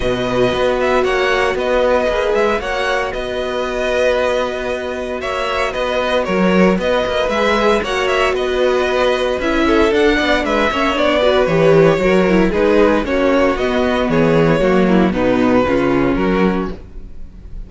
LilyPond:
<<
  \new Staff \with { instrumentName = "violin" } { \time 4/4 \tempo 4 = 115 dis''4. e''8 fis''4 dis''4~ | dis''8 e''8 fis''4 dis''2~ | dis''2 e''4 dis''4 | cis''4 dis''4 e''4 fis''8 e''8 |
dis''2 e''4 fis''4 | e''4 d''4 cis''2 | b'4 cis''4 dis''4 cis''4~ | cis''4 b'2 ais'4 | }
  \new Staff \with { instrumentName = "violin" } { \time 4/4 b'2 cis''4 b'4~ | b'4 cis''4 b'2~ | b'2 cis''4 b'4 | ais'4 b'2 cis''4 |
b'2~ b'8 a'4 d''8 | b'8 cis''4 b'4. ais'4 | gis'4 fis'2 gis'4 | fis'8 e'8 dis'4 f'4 fis'4 | }
  \new Staff \with { instrumentName = "viola" } { \time 4/4 fis'1 | gis'4 fis'2.~ | fis'1~ | fis'2 gis'4 fis'4~ |
fis'2 e'4 d'4~ | d'8 cis'8 d'8 fis'8 g'4 fis'8 e'8 | dis'4 cis'4 b2 | ais4 b4 cis'2 | }
  \new Staff \with { instrumentName = "cello" } { \time 4/4 b,4 b4 ais4 b4 | ais8 gis8 ais4 b2~ | b2 ais4 b4 | fis4 b8 ais8 gis4 ais4 |
b2 cis'4 d'8 b8 | gis8 ais8 b4 e4 fis4 | gis4 ais4 b4 e4 | fis4 b,4 cis4 fis4 | }
>>